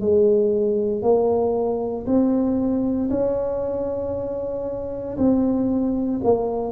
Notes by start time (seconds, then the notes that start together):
0.00 G#3
1.02 A#3
2.06 C4
3.10 C#4
5.17 C4
6.24 A#3